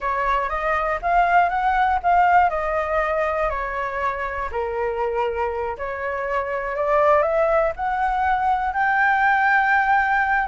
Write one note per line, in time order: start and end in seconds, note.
0.00 0.49 C#5
0.49 0.99 D#5
1.01 1.49 F5
1.49 1.99 F#5
2.02 2.49 F5
2.49 3.49 D#5
3.49 4.49 C#5
4.51 5.76 A#4
5.77 6.76 C#5
6.76 7.22 D5
7.22 7.72 E5
7.75 8.73 F#5
8.73 10.47 G5